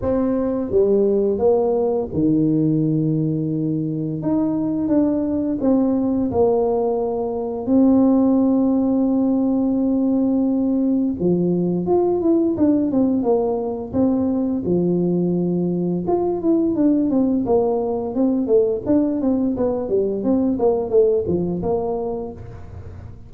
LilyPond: \new Staff \with { instrumentName = "tuba" } { \time 4/4 \tempo 4 = 86 c'4 g4 ais4 dis4~ | dis2 dis'4 d'4 | c'4 ais2 c'4~ | c'1 |
f4 f'8 e'8 d'8 c'8 ais4 | c'4 f2 f'8 e'8 | d'8 c'8 ais4 c'8 a8 d'8 c'8 | b8 g8 c'8 ais8 a8 f8 ais4 | }